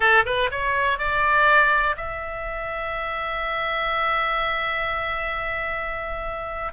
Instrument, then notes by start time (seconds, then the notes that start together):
oboe
0.00 A4
0.25 B4
0.51 C#5
0.98 D5
1.96 E5